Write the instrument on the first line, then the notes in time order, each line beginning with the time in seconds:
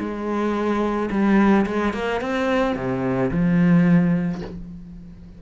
cello
0.00 G#3
1.11 G3
1.67 G#3
1.94 A#3
2.22 C4
2.76 C3
3.32 F3